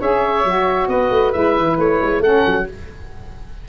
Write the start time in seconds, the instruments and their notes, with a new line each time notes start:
0.00 tuba C#4, saxophone G#4, flute C#5, oboe E5
0.44 tuba F#3, saxophone F#4
0.87 tuba B3, flute B4, oboe D#5
1.10 tuba A3
1.32 tuba G#3, saxophone E4, oboe E5
1.57 tuba E3
1.78 tuba A3, oboe C#5
2.01 tuba G#3
2.19 tuba A3, saxophone C#4, flute A4, oboe F#5
2.46 tuba F#3